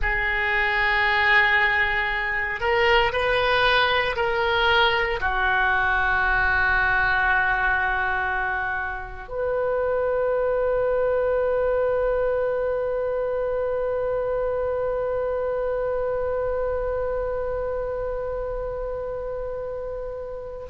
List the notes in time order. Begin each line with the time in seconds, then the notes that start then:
0.02 G#4
2.60 A#4
3.12 B4
4.16 A#4
5.20 F#4
9.28 B4